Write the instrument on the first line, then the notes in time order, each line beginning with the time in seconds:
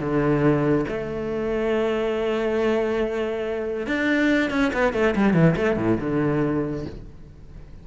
cello
0.00 D3
0.88 A3
3.87 D4
4.51 C#4
4.74 B3
4.94 A3
5.16 G3
5.34 E3
5.56 A3
5.77 A2
6.00 D3